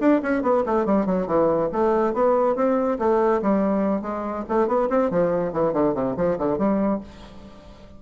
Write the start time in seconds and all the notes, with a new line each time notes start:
0.00 D4
0.22 C#4
0.42 B3
0.66 A3
0.86 G3
1.06 F#3
1.27 E3
1.73 A3
2.14 B3
2.56 C4
2.99 A3
3.42 G3
4.02 G#3
4.49 A3
4.68 B3
4.89 C4
5.10 F3
5.53 E3
5.73 D3
5.94 C3
6.17 F3
6.38 D3
6.58 G3